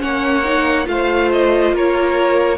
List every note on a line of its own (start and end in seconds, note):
0.00 0.87 A#3
0.00 0.43 C#4
0.00 0.88 C#5
0.00 0.87 F#5
0.45 0.85 D#4
0.85 1.73 A3
0.85 2.57 F4
0.85 1.75 C5
0.85 1.31 F5
1.32 1.75 D#5
1.73 2.58 A#3
1.73 2.58 A#4
1.73 2.58 C#5